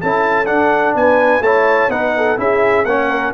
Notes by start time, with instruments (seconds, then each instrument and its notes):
0.00 tuba C#4, trombone E4, horn A4, trumpet A5
0.45 trombone D4, tuba D4, trumpet F#5
0.95 tuba B3, horn B4, trumpet G#5
1.39 tuba A3, trombone E4, horn C#5, trumpet A5
1.88 tuba B3, trombone D#4, horn B4, trumpet F#5
2.17 horn A4
2.37 tuba C#4, trombone E4, horn G#4, trumpet E5
2.84 tuba A#3, trombone C#4, horn C#5, trumpet F#5
3.10 horn A#4